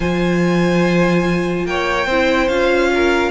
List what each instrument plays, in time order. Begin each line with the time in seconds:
0.00 cello F3, viola F4, violin C5 G#5
1.65 cello A#3, violin C#5 G5
2.06 cello C4, viola E4, violin C5
2.48 cello C#4, viola F4, violin F5
2.94 violin A#4